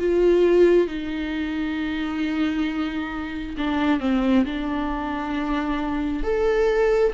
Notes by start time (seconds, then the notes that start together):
0.00 F4
0.88 D#4
3.58 D4
4.01 C4
4.46 D4
6.24 A4